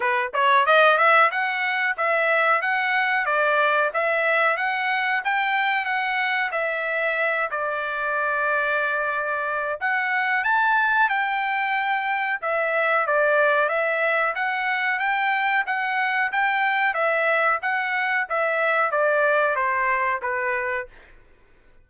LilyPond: \new Staff \with { instrumentName = "trumpet" } { \time 4/4 \tempo 4 = 92 b'8 cis''8 dis''8 e''8 fis''4 e''4 | fis''4 d''4 e''4 fis''4 | g''4 fis''4 e''4. d''8~ | d''2. fis''4 |
a''4 g''2 e''4 | d''4 e''4 fis''4 g''4 | fis''4 g''4 e''4 fis''4 | e''4 d''4 c''4 b'4 | }